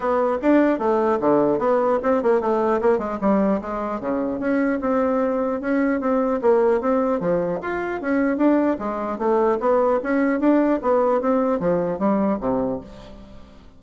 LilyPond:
\new Staff \with { instrumentName = "bassoon" } { \time 4/4 \tempo 4 = 150 b4 d'4 a4 d4 | b4 c'8 ais8 a4 ais8 gis8 | g4 gis4 cis4 cis'4 | c'2 cis'4 c'4 |
ais4 c'4 f4 f'4 | cis'4 d'4 gis4 a4 | b4 cis'4 d'4 b4 | c'4 f4 g4 c4 | }